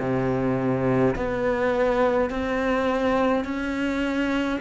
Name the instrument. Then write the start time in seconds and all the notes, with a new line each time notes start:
cello
0.00 C3
1.16 B3
2.30 C4
3.45 C#4